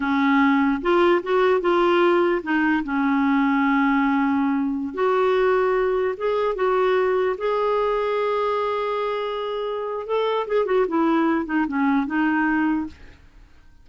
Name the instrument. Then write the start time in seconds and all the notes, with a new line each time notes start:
clarinet
0.00 C#4
0.81 F4
1.23 F#4
1.61 F4
2.43 D#4
2.84 C#4
4.93 F#4
6.17 G#4
6.55 F#4
7.37 G#4
10.06 A4
10.47 G#4
10.65 F#4
10.87 E4
11.45 D#4
11.67 C#4
12.06 D#4